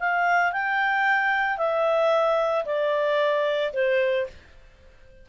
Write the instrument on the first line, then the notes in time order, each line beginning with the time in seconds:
clarinet
0.00 F5
0.53 G5
1.58 E5
2.66 D5
3.74 C5